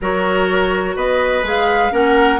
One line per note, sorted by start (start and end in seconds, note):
0.01 0.96 F#3
0.01 1.44 F#4
0.01 0.96 A#4
0.01 0.96 C#5
0.96 1.42 B3
0.96 1.92 B4
0.96 1.44 D#5
1.42 1.90 G#3
1.42 1.91 G#4
1.42 1.93 F5
1.91 2.40 A#3
1.91 2.39 C#4
1.91 2.40 A#4
1.91 2.40 F#5